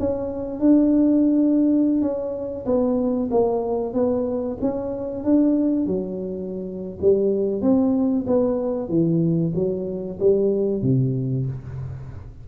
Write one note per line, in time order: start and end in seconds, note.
0.00 0.60 C#4
0.60 2.02 D4
2.02 2.65 C#4
2.66 3.30 B3
3.31 3.94 A#3
3.94 4.58 B3
4.62 5.24 C#4
5.24 5.87 D4
5.87 6.98 F#3
7.02 7.62 G3
7.62 8.26 C4
8.27 8.89 B3
8.89 9.53 E3
9.55 10.19 F#3
10.20 10.82 G3
10.82 11.46 C3